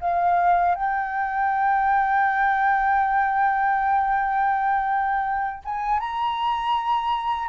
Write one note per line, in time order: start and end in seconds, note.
0.00 0.75 F5
0.75 5.62 G5
5.64 6.00 G#5
6.00 7.48 A#5